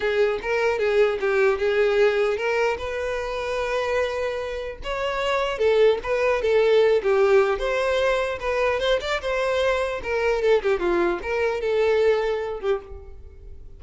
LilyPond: \new Staff \with { instrumentName = "violin" } { \time 4/4 \tempo 4 = 150 gis'4 ais'4 gis'4 g'4 | gis'2 ais'4 b'4~ | b'1 | cis''2 a'4 b'4 |
a'4. g'4. c''4~ | c''4 b'4 c''8 d''8 c''4~ | c''4 ais'4 a'8 g'8 f'4 | ais'4 a'2~ a'8 g'8 | }